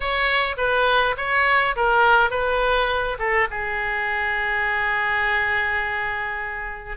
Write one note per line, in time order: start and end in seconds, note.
0.00 0.56 C#5
0.57 1.15 B4
1.17 1.75 C#5
1.76 2.30 A#4
2.30 3.17 B4
3.19 3.48 A4
3.50 6.97 G#4